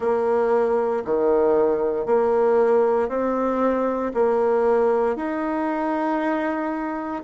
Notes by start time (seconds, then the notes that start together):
0.00 A#3
1.04 D#3
2.05 A#3
3.08 C4
4.14 A#3
5.16 D#4